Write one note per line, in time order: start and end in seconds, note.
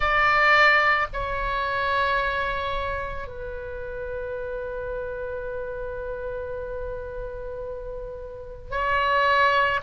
0.00 1.07 D5
1.13 3.27 C#5
3.27 8.70 B4
8.70 9.79 C#5